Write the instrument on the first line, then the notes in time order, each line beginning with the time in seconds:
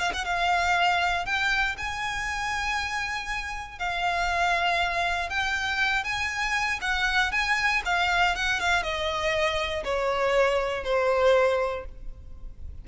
violin
0.00 F5
0.14 F#5
0.25 F5
1.26 G5
1.78 G#5
3.79 F5
5.30 G5
6.05 G#5
6.82 F#5
7.32 G#5
7.86 F5
8.36 F#5
8.61 F5
8.83 D#5
9.84 C#5
10.84 C5